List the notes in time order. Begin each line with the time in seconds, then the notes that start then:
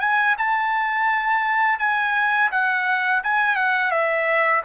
0.00 G#5
0.38 A5
1.79 G#5
2.51 F#5
3.23 G#5
3.56 F#5
3.91 E5